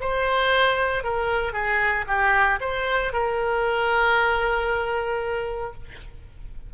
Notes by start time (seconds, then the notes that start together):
0.00 C5
1.03 A#4
1.53 G#4
2.07 G4
2.60 C5
3.13 A#4